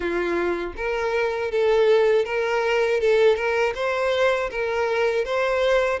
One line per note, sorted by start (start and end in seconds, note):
0.00 0.73 F4
0.76 1.51 A#4
1.51 2.25 A4
2.25 3.00 A#4
3.00 3.35 A4
3.35 3.73 A#4
3.75 4.50 C5
4.50 5.24 A#4
5.24 5.99 C5